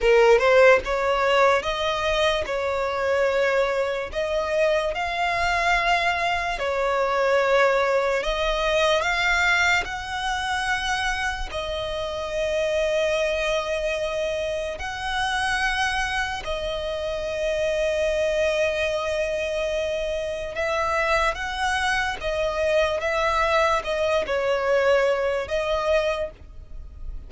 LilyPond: \new Staff \with { instrumentName = "violin" } { \time 4/4 \tempo 4 = 73 ais'8 c''8 cis''4 dis''4 cis''4~ | cis''4 dis''4 f''2 | cis''2 dis''4 f''4 | fis''2 dis''2~ |
dis''2 fis''2 | dis''1~ | dis''4 e''4 fis''4 dis''4 | e''4 dis''8 cis''4. dis''4 | }